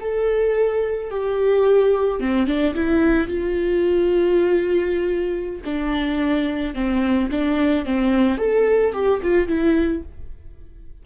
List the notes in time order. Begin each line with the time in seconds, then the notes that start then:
0.00 A4
1.10 G4
2.19 C4
2.47 D4
2.74 E4
3.27 F4
5.64 D4
6.74 C4
7.31 D4
7.85 C4
8.37 A4
8.93 G4
9.22 F4
9.48 E4